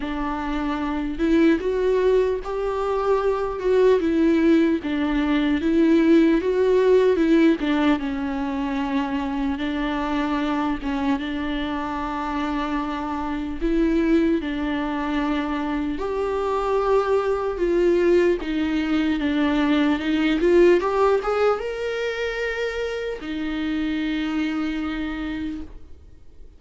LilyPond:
\new Staff \with { instrumentName = "viola" } { \time 4/4 \tempo 4 = 75 d'4. e'8 fis'4 g'4~ | g'8 fis'8 e'4 d'4 e'4 | fis'4 e'8 d'8 cis'2 | d'4. cis'8 d'2~ |
d'4 e'4 d'2 | g'2 f'4 dis'4 | d'4 dis'8 f'8 g'8 gis'8 ais'4~ | ais'4 dis'2. | }